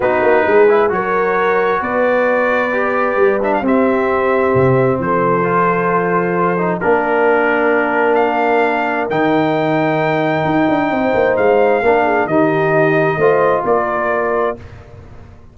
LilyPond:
<<
  \new Staff \with { instrumentName = "trumpet" } { \time 4/4 \tempo 4 = 132 b'2 cis''2 | d''2.~ d''8 e''16 f''16 | e''2. c''4~ | c''2. ais'4~ |
ais'2 f''2 | g''1~ | g''4 f''2 dis''4~ | dis''2 d''2 | }
  \new Staff \with { instrumentName = "horn" } { \time 4/4 fis'4 gis'4 ais'2 | b'1 | g'2. a'4~ | a'2. ais'4~ |
ais'1~ | ais'1 | c''2 ais'8 gis'8 g'4~ | g'4 c''4 ais'2 | }
  \new Staff \with { instrumentName = "trombone" } { \time 4/4 dis'4. e'8 fis'2~ | fis'2 g'4. d'8 | c'1 | f'2~ f'8 dis'8 d'4~ |
d'1 | dis'1~ | dis'2 d'4 dis'4~ | dis'4 f'2. | }
  \new Staff \with { instrumentName = "tuba" } { \time 4/4 b8 ais8 gis4 fis2 | b2. g4 | c'2 c4 f4~ | f2. ais4~ |
ais1 | dis2. dis'8 d'8 | c'8 ais8 gis4 ais4 dis4~ | dis4 a4 ais2 | }
>>